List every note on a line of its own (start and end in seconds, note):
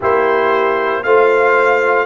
0.00 1.03 A#3
0.00 1.05 E4
0.00 1.03 G4
0.00 1.03 C5
1.03 2.05 A3
1.03 2.05 F4
1.03 2.05 C5
1.03 2.05 F5